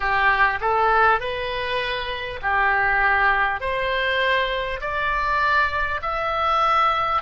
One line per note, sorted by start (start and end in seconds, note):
0.00 0.59 G4
0.60 1.19 A4
1.19 2.39 B4
2.42 3.60 G4
3.60 4.80 C5
4.81 6.01 D5
6.02 7.22 E5